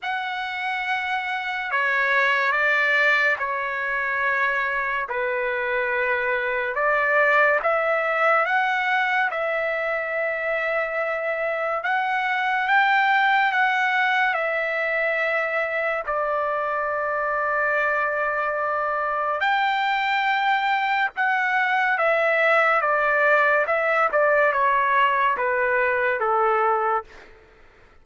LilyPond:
\new Staff \with { instrumentName = "trumpet" } { \time 4/4 \tempo 4 = 71 fis''2 cis''4 d''4 | cis''2 b'2 | d''4 e''4 fis''4 e''4~ | e''2 fis''4 g''4 |
fis''4 e''2 d''4~ | d''2. g''4~ | g''4 fis''4 e''4 d''4 | e''8 d''8 cis''4 b'4 a'4 | }